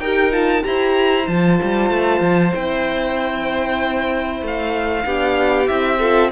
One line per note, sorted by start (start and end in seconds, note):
0.00 0.63 D#4
0.00 0.32 G4
0.00 0.64 A#4
0.00 0.32 G5
0.32 0.61 F4
0.32 0.64 A5
0.61 1.28 E4
0.61 1.24 G4
0.61 5.06 C5
0.61 1.27 A#5
1.28 1.60 F3
1.28 2.52 F4
1.28 2.54 A5
1.63 1.90 G3
1.90 2.21 A3
2.21 2.52 F3
2.52 4.42 C4
2.52 5.05 E4
2.52 4.44 G5
4.42 5.06 A3
4.42 5.67 F5
5.05 5.69 B3
5.05 5.67 D4
5.05 5.99 G4
5.67 6.32 C4
5.67 5.99 E4
5.67 6.31 E5
5.99 6.32 F4
5.99 6.31 A4